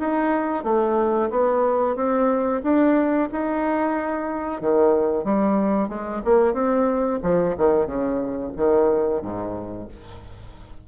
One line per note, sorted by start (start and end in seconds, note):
0.00 0.64 D#4
0.64 1.30 A3
1.31 1.96 B3
1.96 2.62 C4
2.63 3.29 D4
3.32 4.62 D#4
4.62 5.24 D#3
5.24 5.89 G3
5.89 6.22 G#3
6.25 6.54 A#3
6.54 7.20 C4
7.23 7.56 F3
7.58 7.87 D#3
7.87 8.53 C#3
8.57 9.22 D#3
9.22 9.88 G#2